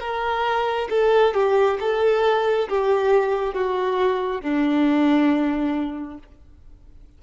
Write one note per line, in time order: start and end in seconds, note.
0.00 0.88 A#4
0.90 1.34 A4
1.34 1.78 G4
1.80 2.68 A4
2.69 3.54 G4
3.54 4.42 F#4
4.42 6.18 D4